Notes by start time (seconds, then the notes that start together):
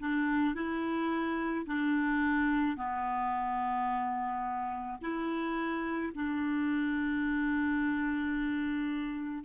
0.00 D4
0.55 E4
1.67 D4
2.77 B3
5.02 E4
6.15 D4